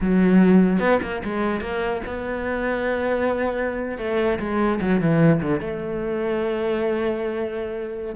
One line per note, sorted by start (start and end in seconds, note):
0.00 0.79 F#3
0.79 0.99 B3
1.02 1.22 A#3
1.24 1.60 G#3
1.60 2.01 A#3
2.06 3.98 B3
3.98 4.38 A3
4.39 4.79 G#3
4.81 5.00 F#3
5.00 5.41 E3
5.42 5.60 D3
5.60 8.15 A3